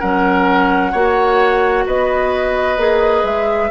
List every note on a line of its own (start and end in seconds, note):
0.00 0.93 F#3
0.00 0.93 C#4
0.00 0.92 A#4
0.00 1.85 F#5
0.92 1.86 A#3
0.92 2.78 F#4
0.92 1.84 C#5
1.86 2.77 B3
1.86 3.71 B4
1.86 3.25 D#5
2.77 3.23 A#3
2.77 3.71 G#4
3.24 3.70 G#3
3.24 3.71 E5